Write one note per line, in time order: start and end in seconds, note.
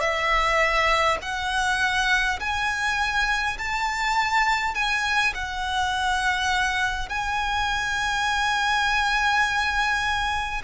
0.00 1.18 E5
1.22 2.40 F#5
2.40 3.57 G#5
3.58 4.74 A5
4.74 5.33 G#5
5.34 7.09 F#5
7.09 10.62 G#5